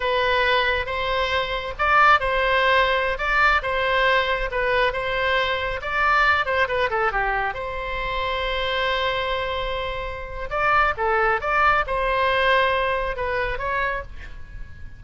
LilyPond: \new Staff \with { instrumentName = "oboe" } { \time 4/4 \tempo 4 = 137 b'2 c''2 | d''4 c''2~ c''16 d''8.~ | d''16 c''2 b'4 c''8.~ | c''4~ c''16 d''4. c''8 b'8 a'16~ |
a'16 g'4 c''2~ c''8.~ | c''1 | d''4 a'4 d''4 c''4~ | c''2 b'4 cis''4 | }